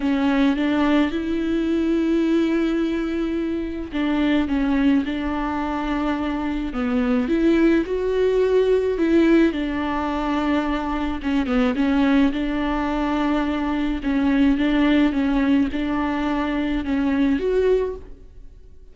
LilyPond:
\new Staff \with { instrumentName = "viola" } { \time 4/4 \tempo 4 = 107 cis'4 d'4 e'2~ | e'2. d'4 | cis'4 d'2. | b4 e'4 fis'2 |
e'4 d'2. | cis'8 b8 cis'4 d'2~ | d'4 cis'4 d'4 cis'4 | d'2 cis'4 fis'4 | }